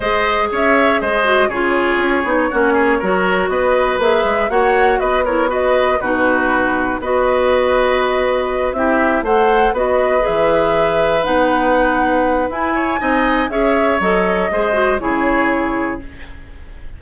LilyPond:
<<
  \new Staff \with { instrumentName = "flute" } { \time 4/4 \tempo 4 = 120 dis''4 e''4 dis''4 cis''4~ | cis''2. dis''4 | e''4 fis''4 dis''8 cis''8 dis''4 | b'2 dis''2~ |
dis''4. e''4 fis''4 dis''8~ | dis''8 e''2 fis''4.~ | fis''4 gis''2 e''4 | dis''2 cis''2 | }
  \new Staff \with { instrumentName = "oboe" } { \time 4/4 c''4 cis''4 c''4 gis'4~ | gis'4 fis'8 gis'8 ais'4 b'4~ | b'4 cis''4 b'8 ais'8 b'4 | fis'2 b'2~ |
b'4. g'4 c''4 b'8~ | b'1~ | b'4. cis''8 dis''4 cis''4~ | cis''4 c''4 gis'2 | }
  \new Staff \with { instrumentName = "clarinet" } { \time 4/4 gis'2~ gis'8 fis'8 f'4~ | f'8 dis'8 cis'4 fis'2 | gis'4 fis'4. e'8 fis'4 | dis'2 fis'2~ |
fis'4. e'4 a'4 fis'8~ | fis'8 gis'2 dis'4.~ | dis'4 e'4 dis'4 gis'4 | a'4 gis'8 fis'8 e'2 | }
  \new Staff \with { instrumentName = "bassoon" } { \time 4/4 gis4 cis'4 gis4 cis4 | cis'8 b8 ais4 fis4 b4 | ais8 gis8 ais4 b2 | b,2 b2~ |
b4. c'4 a4 b8~ | b8 e2 b4.~ | b4 e'4 c'4 cis'4 | fis4 gis4 cis2 | }
>>